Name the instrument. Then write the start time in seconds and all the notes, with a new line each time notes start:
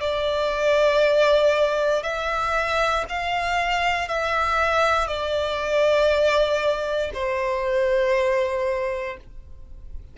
violin
0.00 D5
2.03 E5
3.08 F5
4.08 E5
5.07 D5
7.13 C5